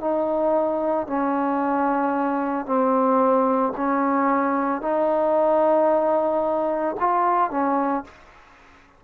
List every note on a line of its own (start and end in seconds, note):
0.00 1.07 D#4
1.07 2.65 C#4
2.65 3.73 C4
3.76 4.81 C#4
4.81 6.95 D#4
6.99 7.50 F4
7.50 8.04 C#4